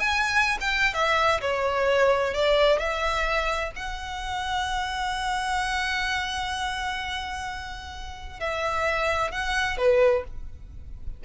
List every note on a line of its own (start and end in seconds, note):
0.00 0.58 G#5
0.61 0.94 G5
0.94 1.41 E5
1.41 2.34 C#5
2.34 2.79 D5
2.79 3.72 E5
3.76 8.40 F#5
8.40 9.31 E5
9.31 9.78 F#5
9.78 10.24 B4